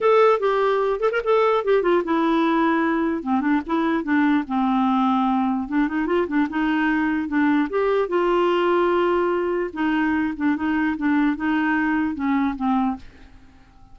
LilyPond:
\new Staff \with { instrumentName = "clarinet" } { \time 4/4 \tempo 4 = 148 a'4 g'4. a'16 ais'16 a'4 | g'8 f'8 e'2. | c'8 d'8 e'4 d'4 c'4~ | c'2 d'8 dis'8 f'8 d'8 |
dis'2 d'4 g'4 | f'1 | dis'4. d'8 dis'4 d'4 | dis'2 cis'4 c'4 | }